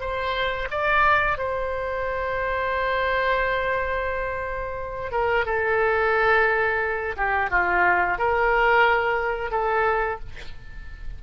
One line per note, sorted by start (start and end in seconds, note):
0.00 0.68 C5
0.70 1.38 D5
1.38 5.11 C5
5.11 5.45 A#4
5.45 7.16 A4
7.16 7.50 G4
7.50 8.18 F4
8.18 9.51 A#4
9.51 10.19 A4